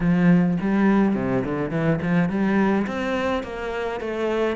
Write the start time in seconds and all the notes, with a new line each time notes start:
0.00 F3
0.60 G3
1.15 C3
1.44 D3
1.70 E3
2.01 F3
2.29 G3
2.86 C4
3.43 A#3
4.00 A3